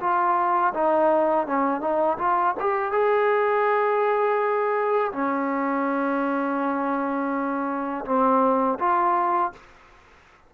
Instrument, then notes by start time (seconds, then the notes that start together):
trombone
0.00 F4
0.74 D#4
1.47 C#4
1.81 D#4
2.18 F4
2.59 G4
2.92 G#4
5.12 C#4
8.05 C4
8.79 F4